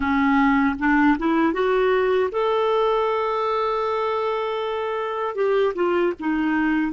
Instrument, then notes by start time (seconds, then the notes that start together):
clarinet
0.00 C#4
0.79 D4
1.18 E4
1.53 F#4
2.31 A4
5.35 G4
5.74 F4
6.19 D#4